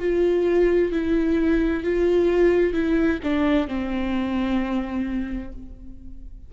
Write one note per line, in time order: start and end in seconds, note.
0.00 0.92 F4
0.92 1.84 E4
1.84 2.74 F4
2.74 3.20 E4
3.23 3.68 D4
3.68 5.53 C4